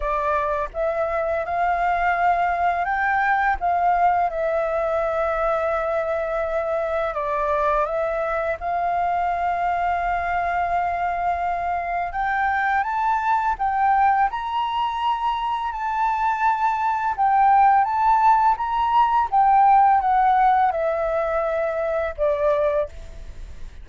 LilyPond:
\new Staff \with { instrumentName = "flute" } { \time 4/4 \tempo 4 = 84 d''4 e''4 f''2 | g''4 f''4 e''2~ | e''2 d''4 e''4 | f''1~ |
f''4 g''4 a''4 g''4 | ais''2 a''2 | g''4 a''4 ais''4 g''4 | fis''4 e''2 d''4 | }